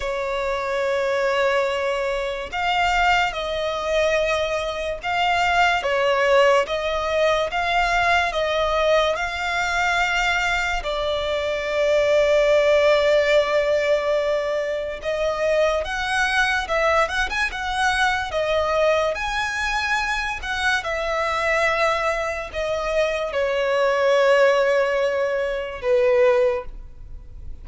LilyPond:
\new Staff \with { instrumentName = "violin" } { \time 4/4 \tempo 4 = 72 cis''2. f''4 | dis''2 f''4 cis''4 | dis''4 f''4 dis''4 f''4~ | f''4 d''2.~ |
d''2 dis''4 fis''4 | e''8 fis''16 gis''16 fis''4 dis''4 gis''4~ | gis''8 fis''8 e''2 dis''4 | cis''2. b'4 | }